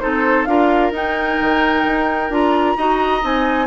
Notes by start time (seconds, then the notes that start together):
0.00 C4 D#4 A4 C5
0.45 D4 F4 A#4 F5
0.92 D#4 G5
1.41 D#3
1.85 D#4
2.30 D4 F4 A#5
2.77 D#4 F#4 D#5
3.21 C4 D#4 G#5